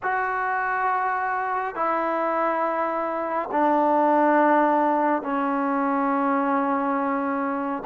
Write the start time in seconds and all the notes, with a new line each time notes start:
0.02 F#4
1.75 E4
3.51 D4
5.22 C#4